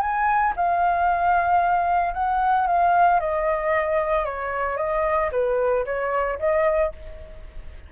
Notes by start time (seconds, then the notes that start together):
0.00 G#5
0.56 F5
2.14 F#5
2.67 F5
3.20 D#5
4.25 C#5
4.77 D#5
5.31 B4
5.85 C#5
6.39 D#5